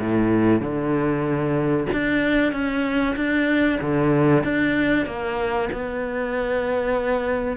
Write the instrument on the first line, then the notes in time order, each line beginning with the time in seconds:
cello
0.00 A2
0.61 D3
1.93 D4
2.53 C#4
3.16 D4
3.82 D3
4.44 D4
5.06 A#3
5.73 B3